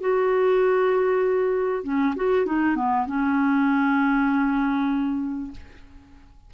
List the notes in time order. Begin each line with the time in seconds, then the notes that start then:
0.00 F#4
1.83 C#4
2.15 F#4
2.45 D#4
2.75 B3
3.06 C#4